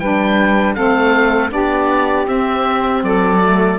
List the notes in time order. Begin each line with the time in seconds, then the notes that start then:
0.00 G3 D4 B4 G5
0.75 A3 C4 A4 F5
1.50 B3 D4 G4 D5
2.26 C4 E5
3.03 F#3 A4 D5
3.42 A3